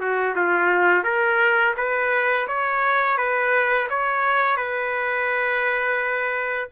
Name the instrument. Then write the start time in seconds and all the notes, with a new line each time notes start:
trumpet
0.00 F#4
0.36 F4
1.04 A#4
1.77 B4
2.48 C#5
3.18 B4
3.90 C#5
4.57 B4